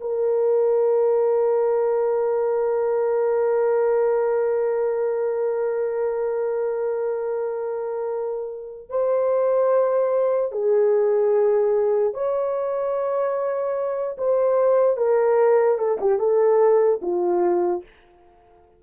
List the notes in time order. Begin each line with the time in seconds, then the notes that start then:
0.00 A#4
8.89 C5
10.51 G#4
12.14 C#5
14.17 C5
14.97 A#4
15.78 A4
16.00 G4
16.19 A4
17.01 F4